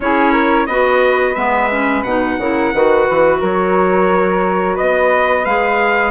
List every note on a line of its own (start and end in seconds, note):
0.00 0.67 C#4
0.00 0.69 E4
0.00 0.32 G#4
0.00 0.66 C#5
0.32 0.66 A#4
0.66 1.35 B3
0.66 1.35 F#4
0.66 2.38 B4
0.66 1.34 D#5
1.34 2.04 G#3
1.34 1.69 B3
1.34 2.03 E5
1.70 2.04 C#4
2.03 2.38 B2
2.03 2.41 D#4
2.03 3.39 F#5
2.38 2.72 C#3
2.38 2.74 E4
2.38 2.73 A#4
2.73 3.07 D#3
2.73 5.46 F#4
2.73 3.40 B4
3.09 3.41 E3
3.40 4.78 F#3
3.40 4.75 A#4
3.40 4.77 C#5
4.75 5.45 B3
4.75 6.11 B4
4.75 5.45 D#5
5.45 6.11 G#3
5.45 6.11 G#4
5.45 6.11 F5